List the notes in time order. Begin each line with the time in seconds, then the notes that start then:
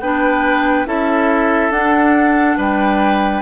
0.00 B3 D4 B4 G5
0.86 C#4 E4 A4 E5
1.70 D4 F#5
2.56 G3 B4 G5